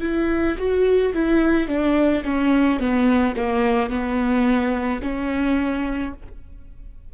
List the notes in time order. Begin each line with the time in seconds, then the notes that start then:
0.00 E4
0.57 F#4
1.13 E4
1.68 D4
2.24 C#4
2.79 B3
3.36 A#3
3.89 B3
5.02 C#4